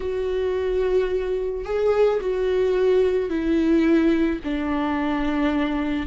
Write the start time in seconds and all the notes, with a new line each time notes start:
0.00 F#4
1.65 G#4
2.20 F#4
3.29 E4
4.44 D4